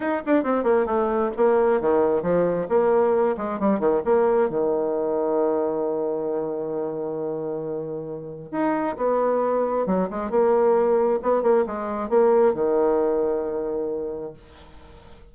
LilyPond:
\new Staff \with { instrumentName = "bassoon" } { \time 4/4 \tempo 4 = 134 dis'8 d'8 c'8 ais8 a4 ais4 | dis4 f4 ais4. gis8 | g8 dis8 ais4 dis2~ | dis1~ |
dis2. dis'4 | b2 fis8 gis8 ais4~ | ais4 b8 ais8 gis4 ais4 | dis1 | }